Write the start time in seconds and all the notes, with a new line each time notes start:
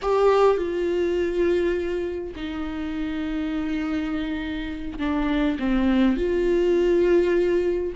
0.02 G4
0.57 F4
2.35 D#4
4.98 D4
5.59 C4
6.16 F4